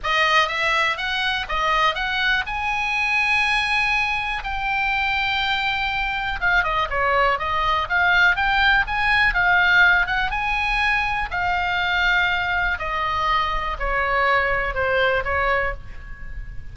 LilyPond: \new Staff \with { instrumentName = "oboe" } { \time 4/4 \tempo 4 = 122 dis''4 e''4 fis''4 dis''4 | fis''4 gis''2.~ | gis''4 g''2.~ | g''4 f''8 dis''8 cis''4 dis''4 |
f''4 g''4 gis''4 f''4~ | f''8 fis''8 gis''2 f''4~ | f''2 dis''2 | cis''2 c''4 cis''4 | }